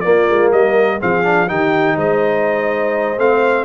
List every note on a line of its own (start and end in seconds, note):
0.00 1.00 A#3
0.00 0.29 A#3
0.00 0.54 F4
0.00 0.48 D5
0.30 0.52 G#3
0.52 1.00 G3
0.52 1.00 A#4
0.52 1.00 D#5
1.00 1.50 F3
1.00 1.23 C4
1.00 1.48 G#4
1.00 1.49 F5
1.23 1.47 D4
1.48 1.96 D#3
1.48 3.17 D#4
1.48 1.95 G4
1.48 1.97 G5
1.95 3.17 G#3
1.95 3.64 C5
1.95 3.19 D#5
3.18 3.64 A3
3.18 3.64 C4
3.18 3.64 F5